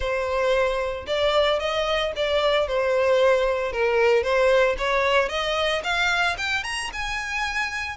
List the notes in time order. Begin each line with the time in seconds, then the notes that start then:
0.00 C5
1.06 D5
1.59 D#5
2.16 D5
2.67 C5
3.72 A#4
4.23 C5
4.78 C#5
5.29 D#5
5.83 F5
6.37 G5
6.63 A#5
6.93 G#5